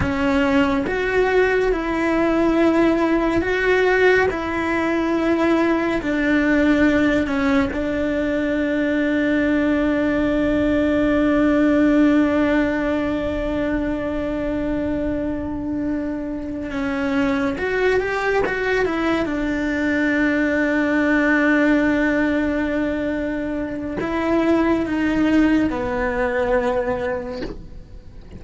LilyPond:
\new Staff \with { instrumentName = "cello" } { \time 4/4 \tempo 4 = 70 cis'4 fis'4 e'2 | fis'4 e'2 d'4~ | d'8 cis'8 d'2.~ | d'1~ |
d'2.~ d'8 cis'8~ | cis'8 fis'8 g'8 fis'8 e'8 d'4.~ | d'1 | e'4 dis'4 b2 | }